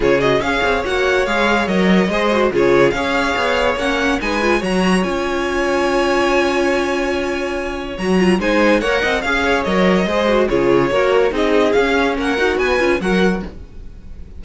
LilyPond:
<<
  \new Staff \with { instrumentName = "violin" } { \time 4/4 \tempo 4 = 143 cis''8 dis''8 f''4 fis''4 f''4 | dis''2 cis''4 f''4~ | f''4 fis''4 gis''4 ais''4 | gis''1~ |
gis''2. ais''4 | gis''4 fis''4 f''4 dis''4~ | dis''4 cis''2 dis''4 | f''4 fis''4 gis''4 fis''4 | }
  \new Staff \with { instrumentName = "violin" } { \time 4/4 gis'4 cis''2.~ | cis''4 c''4 gis'4 cis''4~ | cis''2 b'4 cis''4~ | cis''1~ |
cis''1 | c''4 cis''8 dis''8 f''8 cis''4. | c''4 gis'4 ais'4 gis'4~ | gis'4 ais'4 b'4 ais'4 | }
  \new Staff \with { instrumentName = "viola" } { \time 4/4 f'8 fis'8 gis'4 fis'4 gis'4 | ais'4 gis'8 fis'8 f'4 gis'4~ | gis'4 cis'4 dis'8 f'8 fis'4 | f'1~ |
f'2. fis'8 f'8 | dis'4 ais'4 gis'4 ais'4 | gis'8 fis'8 f'4 fis'4 dis'4 | cis'4. fis'4 f'8 fis'4 | }
  \new Staff \with { instrumentName = "cello" } { \time 4/4 cis4 cis'8 c'8 ais4 gis4 | fis4 gis4 cis4 cis'4 | b4 ais4 gis4 fis4 | cis'1~ |
cis'2. fis4 | gis4 ais8 c'8 cis'4 fis4 | gis4 cis4 ais4 c'4 | cis'4 ais8 dis'8 b8 cis'8 fis4 | }
>>